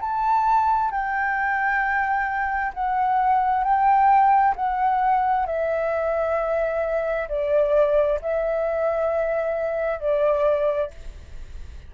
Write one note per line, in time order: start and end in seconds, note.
0.00 0.90 A5
0.90 2.72 G5
2.74 3.64 F#5
3.64 4.55 G5
4.56 5.46 F#5
5.46 7.28 E5
7.28 8.19 D5
8.21 9.99 E5
9.99 10.90 D5